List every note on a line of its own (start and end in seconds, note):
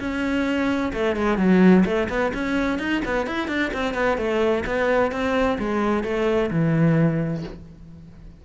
0.00 0.93 C#4
0.93 1.16 A3
1.16 1.38 G#3
1.38 1.85 F#3
1.86 2.09 A3
2.10 2.33 B3
2.34 2.79 C#4
2.79 3.02 D#4
3.05 3.27 B3
3.27 3.48 E4
3.48 3.72 D4
3.74 3.95 C4
3.95 4.18 B3
4.18 4.64 A3
4.67 5.12 B3
5.12 5.58 C4
5.59 6.04 G#3
6.04 6.51 A3
6.51 7.44 E3